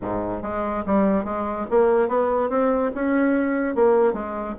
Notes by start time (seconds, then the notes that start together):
0.01 G#2
0.42 G#3
0.85 G3
1.24 G#3
1.70 A#3
2.08 B3
2.49 C4
2.95 C#4
3.75 A#3
4.13 G#3